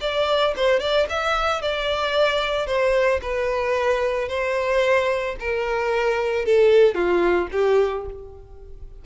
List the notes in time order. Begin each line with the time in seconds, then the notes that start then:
0.00 D5
0.56 C5
0.79 D5
1.09 E5
1.61 D5
2.66 C5
3.21 B4
4.28 C5
5.40 A#4
6.45 A4
6.94 F4
7.51 G4